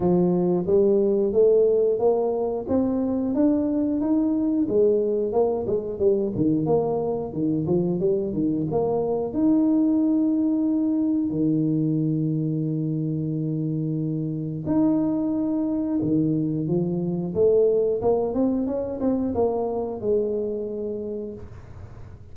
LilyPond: \new Staff \with { instrumentName = "tuba" } { \time 4/4 \tempo 4 = 90 f4 g4 a4 ais4 | c'4 d'4 dis'4 gis4 | ais8 gis8 g8 dis8 ais4 dis8 f8 | g8 dis8 ais4 dis'2~ |
dis'4 dis2.~ | dis2 dis'2 | dis4 f4 a4 ais8 c'8 | cis'8 c'8 ais4 gis2 | }